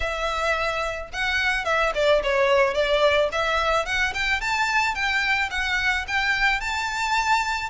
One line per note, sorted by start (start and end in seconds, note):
0.00 1.09 E5
1.13 1.64 F#5
1.64 1.92 E5
1.94 2.22 D5
2.23 2.74 C#5
2.74 3.29 D5
3.32 3.85 E5
3.85 4.13 F#5
4.14 4.40 G5
4.40 4.94 A5
4.94 5.49 G5
5.50 6.05 F#5
6.07 6.60 G5
6.60 7.69 A5